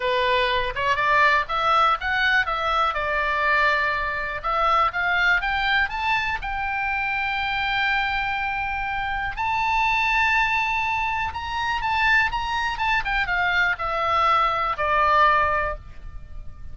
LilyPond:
\new Staff \with { instrumentName = "oboe" } { \time 4/4 \tempo 4 = 122 b'4. cis''8 d''4 e''4 | fis''4 e''4 d''2~ | d''4 e''4 f''4 g''4 | a''4 g''2.~ |
g''2. a''4~ | a''2. ais''4 | a''4 ais''4 a''8 g''8 f''4 | e''2 d''2 | }